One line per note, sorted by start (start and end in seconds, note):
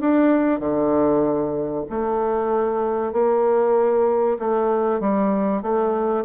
0.00 0.60 D4
0.60 1.85 D3
1.90 3.13 A3
3.13 4.38 A#3
4.39 5.00 A3
5.00 5.62 G3
5.62 6.25 A3